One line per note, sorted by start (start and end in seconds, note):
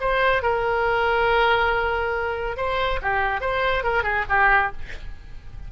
0.00 0.42 C5
0.42 2.56 A#4
2.56 2.99 C5
3.02 3.41 G4
3.41 3.83 C5
3.83 4.03 A#4
4.03 4.24 G#4
4.29 4.72 G4